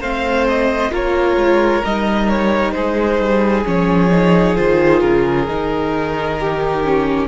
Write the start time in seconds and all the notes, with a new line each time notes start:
0.00 A3 C4 C5 F5
0.48 D#5
0.91 A#3 F4 A#4 C#5
1.36 G#3
1.84 G3 D#4 D#5
2.28 C#5
2.71 G#3 G#4 C5
3.19 G3
3.65 F3 C#4 C#5
4.11 D#4
4.55 D#3 F4 C5
5.00 C#3 A#4
5.47 D#3 D#4
6.39 G4
6.84 C#4